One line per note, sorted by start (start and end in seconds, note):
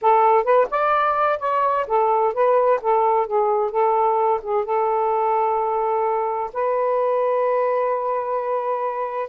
0.01 0.43 A4
0.43 0.67 B4
0.70 1.39 D5
1.39 1.85 C#5
1.87 2.33 A4
2.33 2.80 B4
2.81 3.27 A4
3.27 3.70 G#4
3.70 4.40 A4
4.42 4.64 G#4
4.64 6.51 A4
6.53 9.29 B4